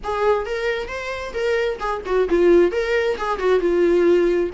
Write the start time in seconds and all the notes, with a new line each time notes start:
0.03 G#4
0.45 A#4
0.88 C5
1.33 A#4
1.79 G#4
2.05 F#4
2.29 F4
2.71 A#4
3.17 G#4
3.38 F#4
3.59 F4